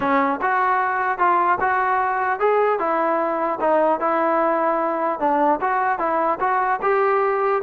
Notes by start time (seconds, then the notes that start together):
0.00 C#4
0.41 F#4
1.18 F4
1.60 F#4
2.39 G#4
2.79 E4
3.60 D#4
4.00 E4
5.19 D4
5.60 F#4
5.99 E4
6.39 F#4
6.82 G4